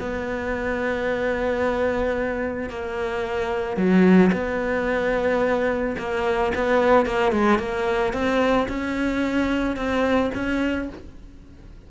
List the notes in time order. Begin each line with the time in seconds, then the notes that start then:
0.00 B3
2.70 A#3
3.77 F#3
4.33 B3
5.99 A#3
6.55 B3
7.06 A#3
7.32 G#3
7.59 A#3
8.13 C4
8.69 C#4
9.77 C4
10.35 C#4